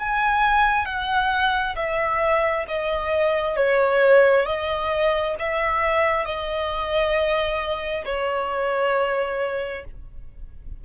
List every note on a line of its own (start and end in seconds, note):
0.00 0.85 G#5
0.85 1.75 F#5
1.76 2.66 E5
2.68 3.57 D#5
3.57 4.46 C#5
4.46 5.36 D#5
5.39 6.26 E5
6.26 8.05 D#5
8.06 9.85 C#5